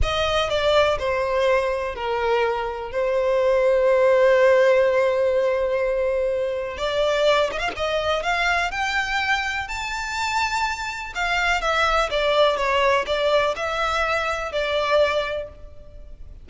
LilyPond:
\new Staff \with { instrumentName = "violin" } { \time 4/4 \tempo 4 = 124 dis''4 d''4 c''2 | ais'2 c''2~ | c''1~ | c''2 d''4. dis''16 f''16 |
dis''4 f''4 g''2 | a''2. f''4 | e''4 d''4 cis''4 d''4 | e''2 d''2 | }